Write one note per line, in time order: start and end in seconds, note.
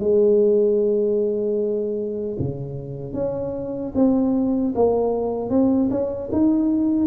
0.00 2.37 G#3
2.39 3.14 C#3
3.14 3.93 C#4
3.95 4.74 C4
4.75 5.50 A#3
5.50 5.90 C4
5.91 6.30 C#4
6.32 7.07 D#4